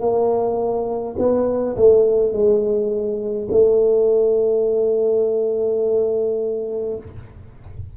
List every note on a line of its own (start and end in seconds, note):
0.00 1.15 A#3
1.18 1.76 B3
1.76 2.32 A3
2.32 3.48 G#3
3.51 6.97 A3